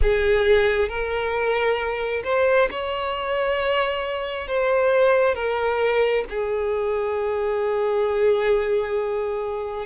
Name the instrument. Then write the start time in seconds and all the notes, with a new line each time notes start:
violin
0.02 G#4
0.88 A#4
2.24 C5
2.71 C#5
4.47 C5
5.34 A#4
6.29 G#4